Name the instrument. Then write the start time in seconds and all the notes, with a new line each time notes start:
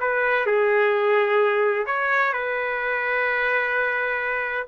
trumpet
0.00 B4
0.46 G#4
1.86 C#5
2.33 B4